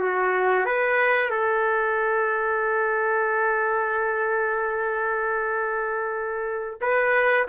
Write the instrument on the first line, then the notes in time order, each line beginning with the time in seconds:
trumpet
0.00 F#4
0.66 B4
1.31 A4
6.81 B4